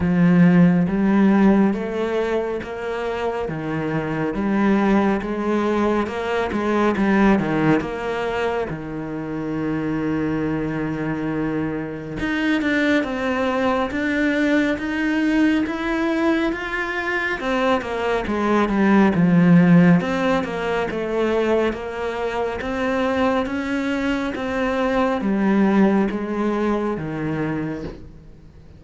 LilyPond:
\new Staff \with { instrumentName = "cello" } { \time 4/4 \tempo 4 = 69 f4 g4 a4 ais4 | dis4 g4 gis4 ais8 gis8 | g8 dis8 ais4 dis2~ | dis2 dis'8 d'8 c'4 |
d'4 dis'4 e'4 f'4 | c'8 ais8 gis8 g8 f4 c'8 ais8 | a4 ais4 c'4 cis'4 | c'4 g4 gis4 dis4 | }